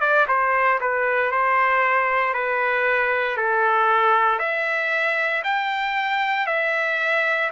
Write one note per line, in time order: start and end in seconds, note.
0.00 0.26 D5
0.28 0.79 C5
0.80 1.31 B4
1.31 2.33 C5
2.33 3.37 B4
3.37 4.39 A4
4.39 5.42 E5
5.44 6.47 G5
6.47 7.50 E5